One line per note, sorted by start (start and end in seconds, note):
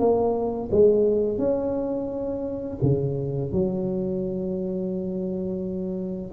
0.00 0.70 A#3
0.72 1.39 G#3
1.39 2.78 C#4
2.83 3.53 C#3
3.53 6.32 F#3